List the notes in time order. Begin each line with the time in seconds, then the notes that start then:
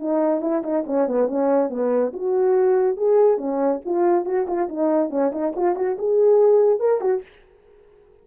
0.00 D#4
0.42 E4
0.63 D#4
0.87 C#4
1.08 B3
1.28 C#4
1.70 B3
2.14 F#4
2.97 G#4
3.38 C#4
3.86 F4
4.26 F#4
4.48 F4
4.69 D#4
5.10 C#4
5.32 D#4
5.56 F4
5.76 F#4
5.99 G#4
6.80 A#4
7.01 F#4